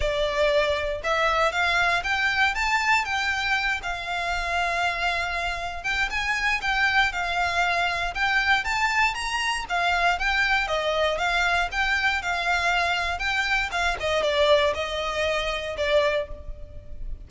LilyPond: \new Staff \with { instrumentName = "violin" } { \time 4/4 \tempo 4 = 118 d''2 e''4 f''4 | g''4 a''4 g''4. f''8~ | f''2.~ f''8 g''8 | gis''4 g''4 f''2 |
g''4 a''4 ais''4 f''4 | g''4 dis''4 f''4 g''4 | f''2 g''4 f''8 dis''8 | d''4 dis''2 d''4 | }